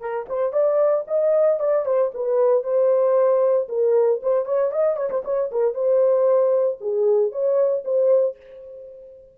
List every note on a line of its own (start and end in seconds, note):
0.00 0.26 A#4
0.29 0.52 C5
0.52 1.05 D5
1.07 1.59 D#5
1.59 1.85 D5
1.85 2.11 C5
2.14 2.63 B4
2.63 3.67 C5
3.69 4.20 A#4
4.22 4.45 C5
4.45 4.71 C#5
4.71 4.96 D#5
4.96 5.09 C#5
5.10 5.23 C5
5.24 5.50 C#5
5.51 5.74 A#4
5.74 6.78 C5
6.80 7.31 G#4
7.31 7.84 C#5
7.84 8.36 C5